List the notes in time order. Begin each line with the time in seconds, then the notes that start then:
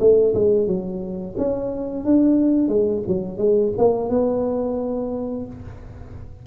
0.00 A3
0.34 G#3
0.67 F#3
1.38 C#4
2.04 D4
2.68 G#3
3.07 F#3
3.38 G#3
3.78 A#3
4.10 B3